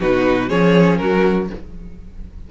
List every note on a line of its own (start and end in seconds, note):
0.00 0.51 B2
0.00 0.49 D#4
0.00 0.49 F#4
0.00 0.50 B4
0.49 1.00 F3
0.49 1.49 C#4
0.49 0.99 G#4
0.49 0.98 C#5
0.98 1.50 F#3
0.98 1.51 F#4
0.98 1.48 A#4